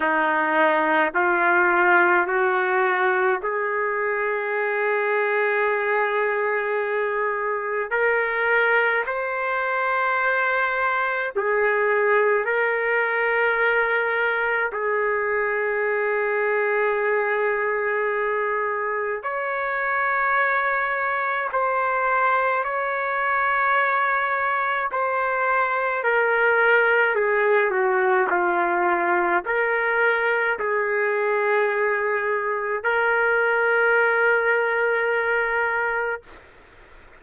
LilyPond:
\new Staff \with { instrumentName = "trumpet" } { \time 4/4 \tempo 4 = 53 dis'4 f'4 fis'4 gis'4~ | gis'2. ais'4 | c''2 gis'4 ais'4~ | ais'4 gis'2.~ |
gis'4 cis''2 c''4 | cis''2 c''4 ais'4 | gis'8 fis'8 f'4 ais'4 gis'4~ | gis'4 ais'2. | }